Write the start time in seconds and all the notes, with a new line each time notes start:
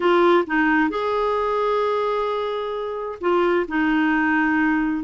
0.00 F4
0.46 D#4
0.89 G#4
3.20 F4
3.67 D#4